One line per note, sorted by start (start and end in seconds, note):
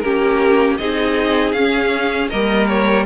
0.00 0.79 A#3
0.00 0.79 C#4
0.00 0.80 G4
0.00 0.76 A#4
0.77 1.54 C4
0.77 1.56 D#4
0.77 2.30 G#4
0.77 1.52 D#5
1.52 2.30 C#4
1.52 2.32 C#4
1.52 2.28 F5
2.30 3.06 G3
2.30 3.06 A#3
2.30 3.06 A#4
2.30 2.68 D#5
2.68 3.06 C#5